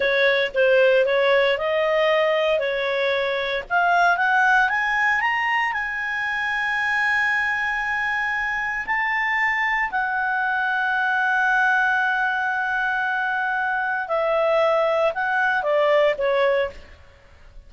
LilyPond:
\new Staff \with { instrumentName = "clarinet" } { \time 4/4 \tempo 4 = 115 cis''4 c''4 cis''4 dis''4~ | dis''4 cis''2 f''4 | fis''4 gis''4 ais''4 gis''4~ | gis''1~ |
gis''4 a''2 fis''4~ | fis''1~ | fis''2. e''4~ | e''4 fis''4 d''4 cis''4 | }